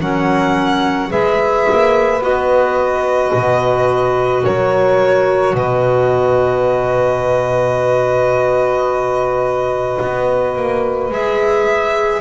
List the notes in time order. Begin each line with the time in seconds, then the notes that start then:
0.00 F#3 C#4 A#4 F#5
1.09 G#3 G#4 B4 E5
1.71 A#3
2.20 B3 F#4 D#5
3.34 B2
4.44 F#3 A#4 C#5
5.53 B2 B4 D#5
10.01 B3
10.56 A#3
11.10 G#3 G#4 E5